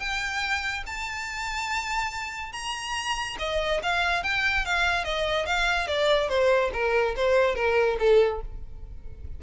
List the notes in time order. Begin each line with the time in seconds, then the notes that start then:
0.00 G5
0.86 A5
2.53 A#5
3.39 D#5
3.83 F5
4.24 G5
4.65 F5
5.05 D#5
5.46 F5
5.87 D5
6.29 C5
6.73 A#4
7.16 C5
7.55 A#4
7.99 A4